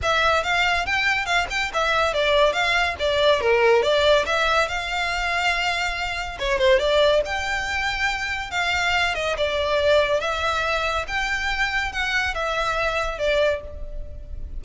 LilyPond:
\new Staff \with { instrumentName = "violin" } { \time 4/4 \tempo 4 = 141 e''4 f''4 g''4 f''8 g''8 | e''4 d''4 f''4 d''4 | ais'4 d''4 e''4 f''4~ | f''2. cis''8 c''8 |
d''4 g''2. | f''4. dis''8 d''2 | e''2 g''2 | fis''4 e''2 d''4 | }